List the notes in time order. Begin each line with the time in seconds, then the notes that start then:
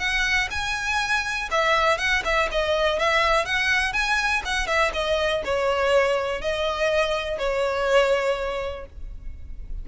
0.00 F#5
0.51 G#5
1.52 E5
1.99 F#5
2.25 E5
2.52 D#5
2.99 E5
3.46 F#5
3.93 G#5
4.46 F#5
4.67 E5
4.94 D#5
5.45 C#5
6.42 D#5
7.39 C#5